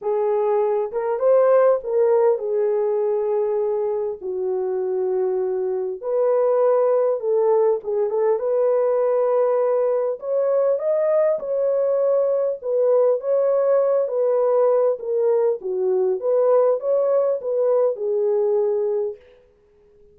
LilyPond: \new Staff \with { instrumentName = "horn" } { \time 4/4 \tempo 4 = 100 gis'4. ais'8 c''4 ais'4 | gis'2. fis'4~ | fis'2 b'2 | a'4 gis'8 a'8 b'2~ |
b'4 cis''4 dis''4 cis''4~ | cis''4 b'4 cis''4. b'8~ | b'4 ais'4 fis'4 b'4 | cis''4 b'4 gis'2 | }